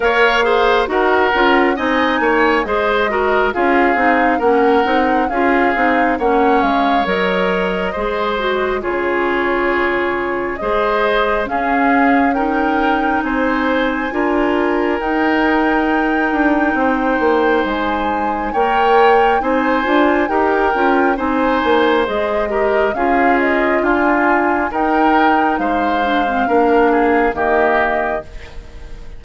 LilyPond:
<<
  \new Staff \with { instrumentName = "flute" } { \time 4/4 \tempo 4 = 68 f''4 fis''4 gis''4 dis''4 | f''4 fis''4 f''4 fis''8 f''8 | dis''2 cis''2 | dis''4 f''4 g''4 gis''4~ |
gis''4 g''2. | gis''4 g''4 gis''4 g''4 | gis''4 dis''4 f''8 dis''8 gis''4 | g''4 f''2 dis''4 | }
  \new Staff \with { instrumentName = "oboe" } { \time 4/4 cis''8 c''8 ais'4 dis''8 cis''8 c''8 ais'8 | gis'4 ais'4 gis'4 cis''4~ | cis''4 c''4 gis'2 | c''4 gis'4 ais'4 c''4 |
ais'2. c''4~ | c''4 cis''4 c''4 ais'4 | c''4. ais'8 gis'4 f'4 | ais'4 c''4 ais'8 gis'8 g'4 | }
  \new Staff \with { instrumentName = "clarinet" } { \time 4/4 ais'8 gis'8 fis'8 f'8 dis'4 gis'8 fis'8 | f'8 dis'8 cis'8 dis'8 f'8 dis'8 cis'4 | ais'4 gis'8 fis'8 f'2 | gis'4 cis'4 dis'2 |
f'4 dis'2.~ | dis'4 ais'4 dis'8 f'8 g'8 f'8 | dis'4 gis'8 g'8 f'2 | dis'4. d'16 c'16 d'4 ais4 | }
  \new Staff \with { instrumentName = "bassoon" } { \time 4/4 ais4 dis'8 cis'8 c'8 ais8 gis4 | cis'8 c'8 ais8 c'8 cis'8 c'8 ais8 gis8 | fis4 gis4 cis2 | gis4 cis'2 c'4 |
d'4 dis'4. d'8 c'8 ais8 | gis4 ais4 c'8 d'8 dis'8 cis'8 | c'8 ais8 gis4 cis'4 d'4 | dis'4 gis4 ais4 dis4 | }
>>